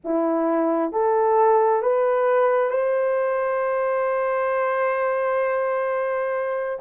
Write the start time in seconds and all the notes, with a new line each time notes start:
0.04 E4
0.92 A4
1.82 B4
2.70 C5